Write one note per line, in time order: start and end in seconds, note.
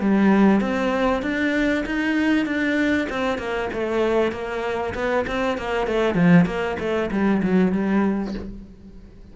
0.00 0.60 G3
0.60 1.22 C4
1.22 1.84 D4
1.86 2.45 D#4
2.45 3.07 D4
3.09 3.38 C4
3.38 3.69 A#3
3.73 4.32 A3
4.32 4.93 A#3
4.94 5.25 B3
5.27 5.58 C4
5.58 5.87 A#3
5.87 6.14 A3
6.14 6.45 F3
6.46 6.76 A#3
6.79 7.10 A3
7.11 7.42 G3
7.43 7.72 F#3
7.72 8.34 G3